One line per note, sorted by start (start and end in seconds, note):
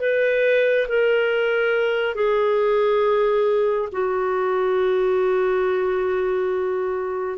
0.00 0.87 B4
0.89 2.15 A#4
2.15 3.89 G#4
3.92 7.38 F#4